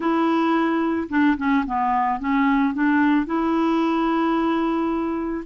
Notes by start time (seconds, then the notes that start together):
0.00 E4
1.09 D4
1.37 C#4
1.66 B3
2.19 C#4
2.74 D4
3.26 E4